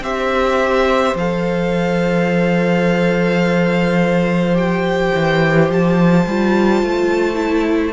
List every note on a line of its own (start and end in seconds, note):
0.00 1.13 C4
0.00 1.16 G4
0.00 7.93 C5
0.00 1.16 E5
1.14 5.10 F3
1.14 4.54 A4
1.14 4.56 F5
4.54 6.23 G4
4.54 5.70 G5
5.14 5.69 E3
5.69 6.26 F3
5.69 7.93 A5
6.26 6.83 G3
6.26 7.34 F4
6.83 7.93 A3
7.34 7.91 E4